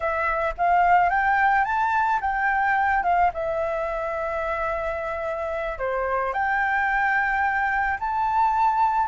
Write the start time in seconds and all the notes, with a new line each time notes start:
0.00 E5
0.57 F5
1.09 G5
1.64 A5
2.20 G5
3.03 F5
3.33 E5
5.78 C5
6.33 G5
7.99 A5